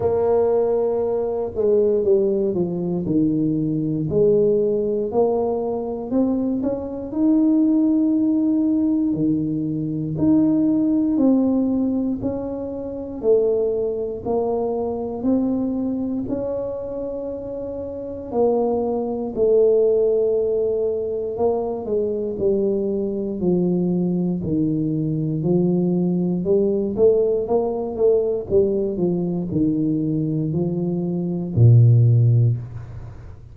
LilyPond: \new Staff \with { instrumentName = "tuba" } { \time 4/4 \tempo 4 = 59 ais4. gis8 g8 f8 dis4 | gis4 ais4 c'8 cis'8 dis'4~ | dis'4 dis4 dis'4 c'4 | cis'4 a4 ais4 c'4 |
cis'2 ais4 a4~ | a4 ais8 gis8 g4 f4 | dis4 f4 g8 a8 ais8 a8 | g8 f8 dis4 f4 ais,4 | }